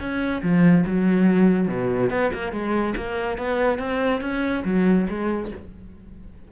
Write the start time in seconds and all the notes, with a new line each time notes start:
0.00 C#4
0.43 F3
0.86 F#3
1.68 B2
2.11 B3
2.34 A#3
2.52 G#3
2.97 A#3
3.38 B3
3.79 C4
4.22 C#4
4.65 F#3
5.10 G#3